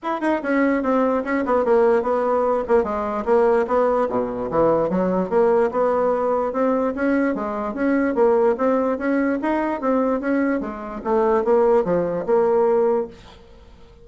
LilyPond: \new Staff \with { instrumentName = "bassoon" } { \time 4/4 \tempo 4 = 147 e'8 dis'8 cis'4 c'4 cis'8 b8 | ais4 b4. ais8 gis4 | ais4 b4 b,4 e4 | fis4 ais4 b2 |
c'4 cis'4 gis4 cis'4 | ais4 c'4 cis'4 dis'4 | c'4 cis'4 gis4 a4 | ais4 f4 ais2 | }